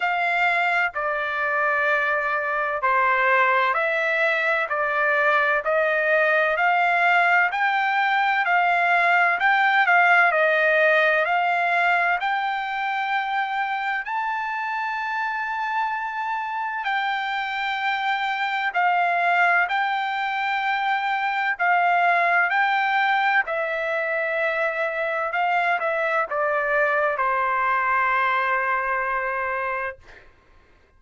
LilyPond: \new Staff \with { instrumentName = "trumpet" } { \time 4/4 \tempo 4 = 64 f''4 d''2 c''4 | e''4 d''4 dis''4 f''4 | g''4 f''4 g''8 f''8 dis''4 | f''4 g''2 a''4~ |
a''2 g''2 | f''4 g''2 f''4 | g''4 e''2 f''8 e''8 | d''4 c''2. | }